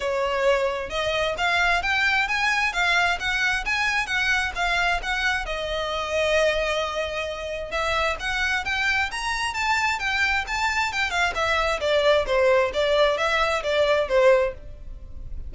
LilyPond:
\new Staff \with { instrumentName = "violin" } { \time 4/4 \tempo 4 = 132 cis''2 dis''4 f''4 | g''4 gis''4 f''4 fis''4 | gis''4 fis''4 f''4 fis''4 | dis''1~ |
dis''4 e''4 fis''4 g''4 | ais''4 a''4 g''4 a''4 | g''8 f''8 e''4 d''4 c''4 | d''4 e''4 d''4 c''4 | }